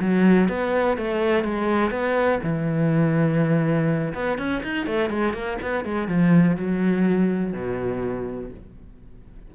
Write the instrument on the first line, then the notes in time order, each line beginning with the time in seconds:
cello
0.00 F#3
0.49 B3
0.98 A3
1.44 G#3
1.91 B3
2.43 E3
4.14 B3
4.38 C#4
4.63 D#4
4.86 A3
5.10 G#3
5.33 A#3
5.62 B3
5.85 G#3
6.08 F3
6.57 F#3
7.53 B2